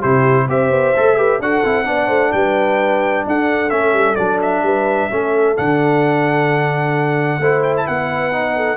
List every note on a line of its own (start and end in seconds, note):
0.00 0.48 C3
0.00 0.49 E4
0.00 0.46 G4
0.00 0.47 C5
0.48 0.70 C4
0.48 0.95 G4
0.48 1.18 C5
0.48 1.42 E5
0.70 0.93 B3
0.97 1.39 A3
0.97 1.17 A4
1.17 1.40 G4
1.17 1.41 B4
1.39 1.62 D4
1.39 1.65 F#4
1.39 1.86 A4
1.39 2.32 F#5
1.64 1.87 C4
1.64 1.85 E4
1.85 2.08 B3
1.85 3.69 D4
1.85 2.07 D5
2.07 2.32 A3
2.07 2.30 C5
2.32 3.25 G3
2.32 3.27 B4
2.32 3.25 G5
3.26 3.71 D4
3.26 4.65 A4
3.26 3.70 F#5
3.70 3.93 A3
3.70 4.17 C#4
3.70 4.16 E5
3.93 4.16 G3
4.16 4.62 F#3
4.16 5.10 D4
4.16 4.39 D5
4.42 5.57 E5
4.62 5.08 G3
4.62 5.11 B4
5.10 5.57 A3
5.10 5.56 C#4
5.10 7.40 A4
5.56 7.38 D3
5.56 7.41 D4
5.56 7.63 F#5
7.38 7.85 A3
7.38 8.32 E4
7.38 7.85 C5
7.63 7.75 G5
7.77 7.87 A5
7.85 8.77 B3
7.85 8.55 B4
7.85 8.77 F#5
8.32 8.77 D#4
8.56 8.77 A4